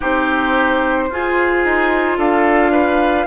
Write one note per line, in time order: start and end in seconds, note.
0.00 1.09 C4
0.00 1.10 D#4
0.00 1.08 G4
0.00 2.19 C5
1.09 1.64 F4
1.09 3.27 F4
1.09 2.17 G#4
1.64 2.17 D#4
2.17 3.27 D4
2.17 2.71 A4
2.17 3.27 F5
2.71 3.26 B4